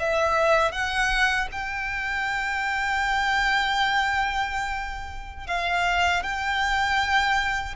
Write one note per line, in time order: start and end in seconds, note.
0.00 0.72 E5
0.72 1.48 F#5
1.52 5.48 G5
5.48 6.23 F5
6.24 7.76 G5